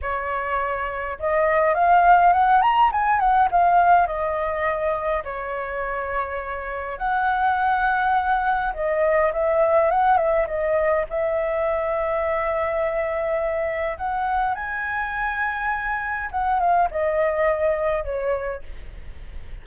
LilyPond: \new Staff \with { instrumentName = "flute" } { \time 4/4 \tempo 4 = 103 cis''2 dis''4 f''4 | fis''8 ais''8 gis''8 fis''8 f''4 dis''4~ | dis''4 cis''2. | fis''2. dis''4 |
e''4 fis''8 e''8 dis''4 e''4~ | e''1 | fis''4 gis''2. | fis''8 f''8 dis''2 cis''4 | }